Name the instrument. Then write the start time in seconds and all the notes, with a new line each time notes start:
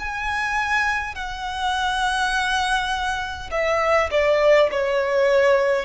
violin
0.00 G#5
1.16 F#5
3.51 E5
4.11 D5
4.72 C#5